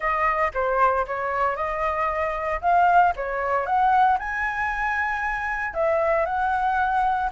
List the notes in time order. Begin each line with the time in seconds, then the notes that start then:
0.00 D#5
0.54 C5
1.06 C#5
1.56 D#5
2.61 F5
3.16 C#5
3.65 F#5
4.19 G#5
5.73 E5
6.25 F#5